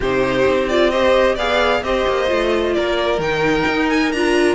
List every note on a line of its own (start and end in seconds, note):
0.00 0.46 C3
0.00 0.70 D#4
0.00 0.89 G4
0.00 0.68 C5
0.47 1.36 C4
0.68 0.92 F4
0.68 0.90 D5
0.90 1.37 G4
0.90 1.35 C5
0.90 1.36 D#5
1.35 1.82 B3
1.35 1.83 G#4
1.35 1.80 D5
1.35 1.83 F5
1.82 2.05 C4
1.82 2.27 G4
1.82 2.75 C5
1.82 2.73 D#5
2.07 2.30 A#3
2.27 2.76 A3
2.27 3.18 F4
2.73 3.18 A#3
2.73 4.55 A#4
2.73 3.19 D5
3.18 3.64 D#3
3.18 4.14 D#4
3.18 3.89 G5
3.67 4.13 D#4
3.89 4.12 G#5
4.12 4.55 D4
4.12 4.55 F4
4.12 4.55 A#5